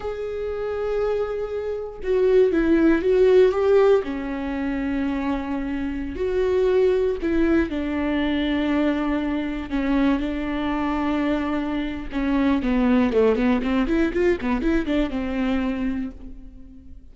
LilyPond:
\new Staff \with { instrumentName = "viola" } { \time 4/4 \tempo 4 = 119 gis'1 | fis'4 e'4 fis'4 g'4 | cis'1~ | cis'16 fis'2 e'4 d'8.~ |
d'2.~ d'16 cis'8.~ | cis'16 d'2.~ d'8. | cis'4 b4 a8 b8 c'8 e'8 | f'8 b8 e'8 d'8 c'2 | }